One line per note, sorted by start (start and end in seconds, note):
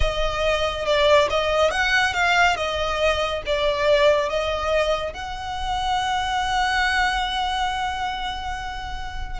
0.00 0.85 D#5
0.85 1.28 D5
1.30 1.70 D#5
1.70 2.13 F#5
2.13 2.56 F5
2.56 3.42 D#5
3.46 4.29 D5
4.29 5.13 D#5
5.13 9.39 F#5